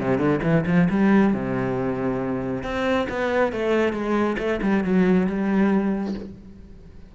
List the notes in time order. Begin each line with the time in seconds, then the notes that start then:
0.00 C3
0.18 D3
0.43 E3
0.67 F3
0.90 G3
1.34 C3
2.64 C4
3.10 B3
3.53 A3
3.93 G#3
4.39 A3
4.62 G3
4.84 F#3
5.28 G3